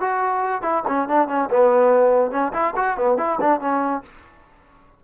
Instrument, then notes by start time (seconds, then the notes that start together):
trombone
0.00 F#4
0.62 E4
0.87 C#4
1.08 D4
1.28 C#4
1.50 B3
2.31 C#4
2.53 E4
2.76 F#4
2.97 B3
3.18 E4
3.41 D4
3.60 C#4